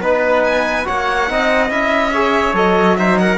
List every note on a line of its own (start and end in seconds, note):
0.00 0.85 B3
0.00 0.85 D#4
0.00 0.43 B4
0.00 0.87 B4
0.44 0.86 G#5
0.85 1.30 A#3
0.85 1.27 F#4
0.85 1.29 C#5
0.85 1.71 F#5
1.29 1.70 C4
1.29 1.69 D#4
1.29 2.13 D#5
1.69 2.53 C#4
1.69 2.11 E4
1.69 2.55 E5
2.13 2.54 G#4
2.13 2.97 C#5
2.53 3.38 F#3
2.53 2.97 A4
2.53 2.97 D#5
2.97 3.38 D#4
2.97 3.20 C5
2.97 3.18 E5
3.18 3.38 A#4
3.18 3.38 F#5